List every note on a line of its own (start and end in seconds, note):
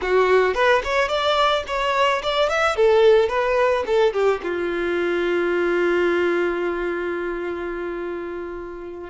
0.01 0.54 F#4
0.54 0.82 B4
0.84 1.08 C#5
1.08 1.63 D5
1.67 2.22 C#5
2.22 2.49 D5
2.49 2.75 E5
2.75 3.29 A4
3.29 3.84 B4
3.86 4.13 A4
4.13 4.40 G4
4.43 9.10 F4